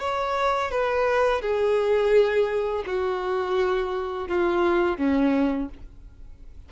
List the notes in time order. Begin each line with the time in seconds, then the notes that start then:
0.00 C#5
0.71 B4
1.42 G#4
2.86 F#4
4.28 F4
4.97 C#4